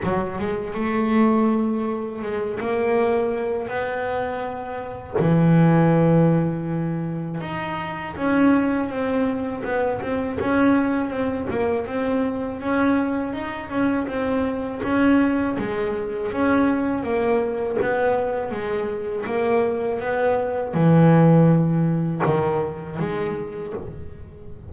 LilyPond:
\new Staff \with { instrumentName = "double bass" } { \time 4/4 \tempo 4 = 81 fis8 gis8 a2 gis8 ais8~ | ais4 b2 e4~ | e2 dis'4 cis'4 | c'4 b8 c'8 cis'4 c'8 ais8 |
c'4 cis'4 dis'8 cis'8 c'4 | cis'4 gis4 cis'4 ais4 | b4 gis4 ais4 b4 | e2 dis4 gis4 | }